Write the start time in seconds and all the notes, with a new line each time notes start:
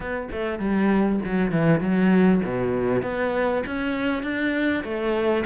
0.00 B3
0.31 A3
0.59 G3
1.24 F#3
1.51 E3
1.80 F#3
2.44 B2
3.02 B3
3.66 C#4
4.23 D4
4.83 A3